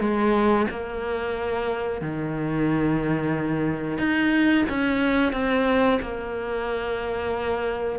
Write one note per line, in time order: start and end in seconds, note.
0.00 0.67 G#3
0.71 2.02 A#3
2.02 3.98 D#3
3.98 4.65 D#4
4.69 5.33 C#4
5.33 5.99 C4
6.02 7.99 A#3